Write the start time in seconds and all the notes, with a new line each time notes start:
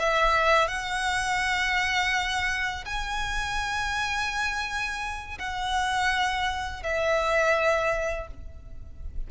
0.00 E5
0.68 F#5
2.86 G#5
5.39 F#5
6.83 E5